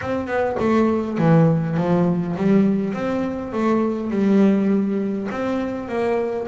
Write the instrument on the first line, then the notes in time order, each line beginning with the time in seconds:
double bass
0.01 C4
0.27 B3
0.59 A3
1.18 E3
1.76 F3
2.36 G3
2.93 C4
3.52 A3
4.10 G3
5.30 C4
5.88 A#3